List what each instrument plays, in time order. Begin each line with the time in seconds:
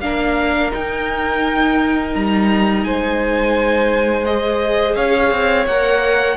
0.00 cello A#3, viola D4, violin A#4 F5
0.71 viola D#4, cello D#4, violin G5
2.14 cello G3, violin A#5
2.84 cello G#3, violin C5 G#5
4.25 viola G#4, violin D#5
4.95 cello C#4, violin C#5 F5
5.31 cello C4
5.66 cello A#3, viola A#4, violin F#5